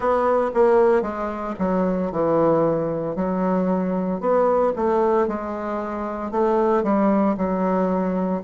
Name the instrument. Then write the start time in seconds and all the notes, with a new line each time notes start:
bassoon
0.00 B3
0.54 A#3
1.01 G#3
1.58 F#3
2.11 E3
3.15 F#3
4.20 B3
4.76 A3
5.27 G#3
6.31 A3
6.83 G3
7.37 F#3